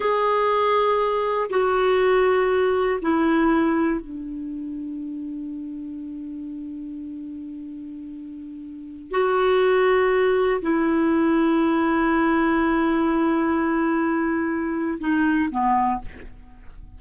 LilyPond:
\new Staff \with { instrumentName = "clarinet" } { \time 4/4 \tempo 4 = 120 gis'2. fis'4~ | fis'2 e'2 | d'1~ | d'1~ |
d'2~ d'16 fis'4.~ fis'16~ | fis'4~ fis'16 e'2~ e'8.~ | e'1~ | e'2 dis'4 b4 | }